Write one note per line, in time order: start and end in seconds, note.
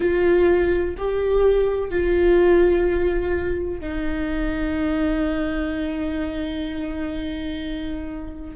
0.00 0.95 F4
0.97 1.90 G4
1.90 3.80 F4
3.80 8.55 D#4